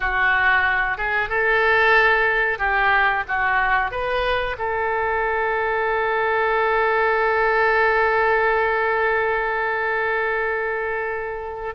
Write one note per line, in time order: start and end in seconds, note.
0.00 0.97 F#4
0.97 1.29 G#4
1.29 2.58 A4
2.58 3.23 G4
3.28 3.91 F#4
3.91 4.56 B4
4.58 11.74 A4